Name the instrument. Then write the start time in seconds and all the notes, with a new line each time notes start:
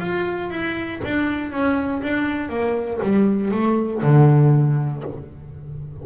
double bass
0.00 F4
0.50 E4
1.04 D4
1.51 C#4
2.02 D4
2.49 A#3
3.03 G3
3.51 A3
4.02 D3